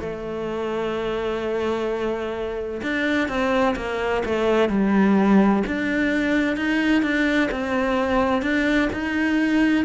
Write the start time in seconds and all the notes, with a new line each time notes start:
0.00 A3
2.82 D4
3.29 C4
3.76 A#3
4.25 A3
4.69 G3
5.67 D4
6.57 D#4
7.02 D4
7.51 C4
8.42 D4
8.93 D#4